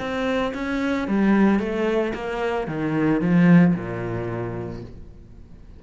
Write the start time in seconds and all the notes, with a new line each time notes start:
0.00 C4
0.55 C#4
1.08 G3
1.60 A3
2.15 A#3
2.68 D#3
3.21 F3
3.75 A#2